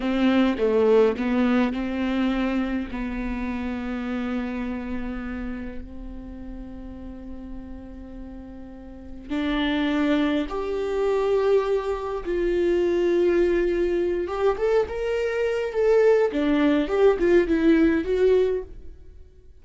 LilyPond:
\new Staff \with { instrumentName = "viola" } { \time 4/4 \tempo 4 = 103 c'4 a4 b4 c'4~ | c'4 b2.~ | b2 c'2~ | c'1 |
d'2 g'2~ | g'4 f'2.~ | f'8 g'8 a'8 ais'4. a'4 | d'4 g'8 f'8 e'4 fis'4 | }